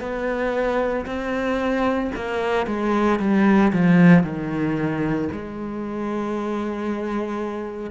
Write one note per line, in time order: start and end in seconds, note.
0.00 1.05 B3
1.06 2.11 C4
2.15 2.67 A#3
2.67 3.19 G#3
3.19 3.72 G3
3.72 4.23 F3
4.23 5.28 D#3
5.32 7.90 G#3